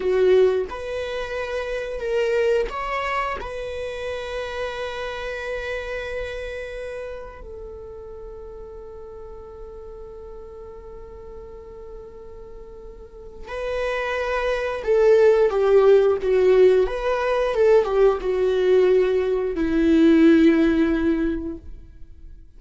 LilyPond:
\new Staff \with { instrumentName = "viola" } { \time 4/4 \tempo 4 = 89 fis'4 b'2 ais'4 | cis''4 b'2.~ | b'2. a'4~ | a'1~ |
a'1 | b'2 a'4 g'4 | fis'4 b'4 a'8 g'8 fis'4~ | fis'4 e'2. | }